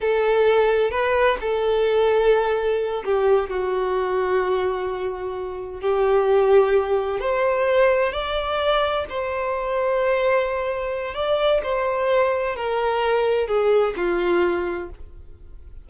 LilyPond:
\new Staff \with { instrumentName = "violin" } { \time 4/4 \tempo 4 = 129 a'2 b'4 a'4~ | a'2~ a'8 g'4 fis'8~ | fis'1~ | fis'8 g'2. c''8~ |
c''4. d''2 c''8~ | c''1 | d''4 c''2 ais'4~ | ais'4 gis'4 f'2 | }